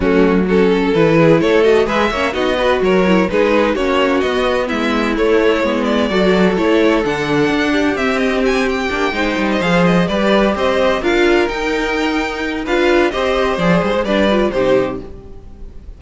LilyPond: <<
  \new Staff \with { instrumentName = "violin" } { \time 4/4 \tempo 4 = 128 fis'4 a'4 b'4 cis''8 dis''8 | e''4 dis''4 cis''4 b'4 | cis''4 dis''4 e''4 cis''4~ | cis''8 d''4. cis''4 fis''4~ |
fis''4 e''8 dis''8 gis''8 g''4.~ | g''16 dis''16 f''8 dis''8 d''4 dis''4 f''8~ | f''8 g''2~ g''8 f''4 | dis''4 d''8 c''8 d''4 c''4 | }
  \new Staff \with { instrumentName = "violin" } { \time 4/4 cis'4 fis'8 a'4 gis'8 a'4 | b'8 cis''8 fis'8 b'8 ais'4 gis'4 | fis'2 e'2~ | e'4 a'2.~ |
a'8 g'2. c''8~ | c''4. b'4 c''4 ais'8~ | ais'2. b'4 | c''2 b'4 g'4 | }
  \new Staff \with { instrumentName = "viola" } { \time 4/4 a4 cis'4 e'4. fis'8 | gis'8 cis'8 dis'8 fis'4 e'8 dis'4 | cis'4 b2 a4 | b4 fis'4 e'4 d'4~ |
d'4 c'2 d'8 dis'8~ | dis'8 gis'4 g'2 f'8~ | f'8 dis'2~ dis'8 f'4 | g'4 gis'4 d'8 f'8 dis'4 | }
  \new Staff \with { instrumentName = "cello" } { \time 4/4 fis2 e4 a4 | gis8 ais8 b4 fis4 gis4 | ais4 b4 gis4 a4 | gis4 fis4 a4 d4 |
d'4 c'2 ais8 gis8 | g8 f4 g4 c'4 d'8~ | d'8 dis'2~ dis'8 d'4 | c'4 f8 g16 gis16 g4 c4 | }
>>